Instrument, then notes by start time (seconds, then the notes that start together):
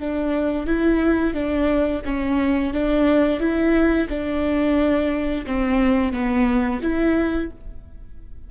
viola
0.00 D4
0.67 E4
1.34 D4
2.05 C#4
2.74 D4
3.40 E4
4.09 D4
5.46 C4
6.13 B3
6.82 E4